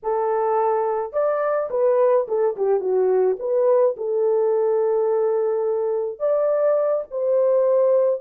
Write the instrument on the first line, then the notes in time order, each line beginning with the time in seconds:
horn
0.03 A4
1.12 D5
1.70 B4
2.27 A4
2.56 G4
2.80 F#4
3.39 B4
3.96 A4
6.19 D5
7.10 C5